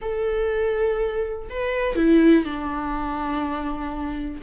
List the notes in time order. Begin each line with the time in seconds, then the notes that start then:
0.01 A4
1.49 B4
1.95 E4
2.44 D4